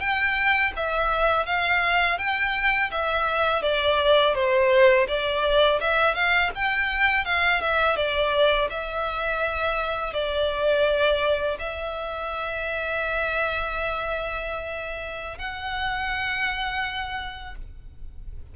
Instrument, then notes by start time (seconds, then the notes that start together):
violin
0.00 G5
0.76 E5
1.46 F5
2.19 G5
2.91 E5
3.62 D5
4.35 C5
5.08 D5
5.80 E5
6.14 F5
6.55 G5
7.25 F5
7.61 E5
7.96 D5
8.70 E5
10.13 D5
11.59 E5
15.38 F#5